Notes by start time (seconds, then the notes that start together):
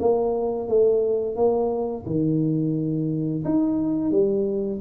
0.00 A#3
0.68 A3
1.36 A#3
2.06 D#3
3.45 D#4
4.11 G3